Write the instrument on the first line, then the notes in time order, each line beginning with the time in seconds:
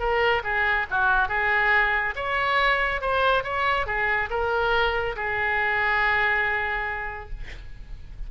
oboe
0.00 A#4
0.44 G#4
0.91 F#4
1.29 G#4
2.16 C#5
3.02 C5
3.44 C#5
3.87 G#4
4.31 A#4
5.16 G#4